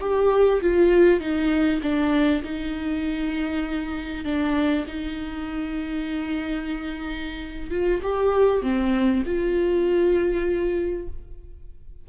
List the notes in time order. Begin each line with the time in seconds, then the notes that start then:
0.00 G4
0.61 F4
1.20 D#4
1.82 D4
2.44 D#4
4.25 D4
4.87 D#4
7.70 F4
8.02 G4
8.62 C4
9.26 F4